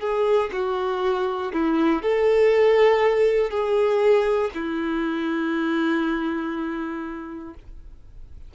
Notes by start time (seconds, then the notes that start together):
0.00 G#4
0.53 F#4
1.53 E4
2.02 A4
3.50 G#4
4.55 E4